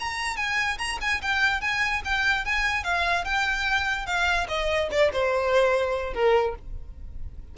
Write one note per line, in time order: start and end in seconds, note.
0.00 0.37 A#5
0.37 0.78 G#5
0.78 0.99 A#5
1.01 1.22 G#5
1.22 1.61 G5
1.61 2.02 G#5
2.05 2.45 G5
2.45 2.84 G#5
2.84 3.25 F5
3.25 4.06 G5
4.06 4.47 F5
4.48 4.89 D#5
4.91 5.12 D5
5.13 6.14 C5
6.14 6.55 A#4